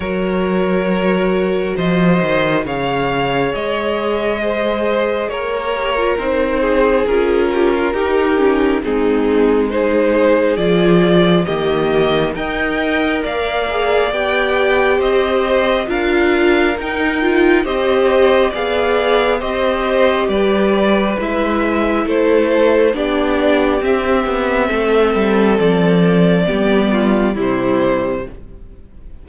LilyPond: <<
  \new Staff \with { instrumentName = "violin" } { \time 4/4 \tempo 4 = 68 cis''2 dis''4 f''4 | dis''2 cis''4 c''4 | ais'2 gis'4 c''4 | d''4 dis''4 g''4 f''4 |
g''4 dis''4 f''4 g''4 | dis''4 f''4 dis''4 d''4 | e''4 c''4 d''4 e''4~ | e''4 d''2 c''4 | }
  \new Staff \with { instrumentName = "violin" } { \time 4/4 ais'2 c''4 cis''4~ | cis''4 c''4 ais'4. gis'8~ | gis'8 g'16 f'16 g'4 dis'4 gis'4~ | gis'4 g'4 dis''4 d''4~ |
d''4 c''4 ais'2 | c''4 d''4 c''4 b'4~ | b'4 a'4 g'2 | a'2 g'8 f'8 e'4 | }
  \new Staff \with { instrumentName = "viola" } { \time 4/4 fis'2. gis'4~ | gis'2~ gis'8 g'16 f'16 dis'4 | f'4 dis'8 cis'8 c'4 dis'4 | f'4 ais4 ais'4. gis'8 |
g'2 f'4 dis'8 f'8 | g'4 gis'4 g'2 | e'2 d'4 c'4~ | c'2 b4 g4 | }
  \new Staff \with { instrumentName = "cello" } { \time 4/4 fis2 f8 dis8 cis4 | gis2 ais4 c'4 | cis'4 dis'4 gis2 | f4 dis4 dis'4 ais4 |
b4 c'4 d'4 dis'4 | c'4 b4 c'4 g4 | gis4 a4 b4 c'8 b8 | a8 g8 f4 g4 c4 | }
>>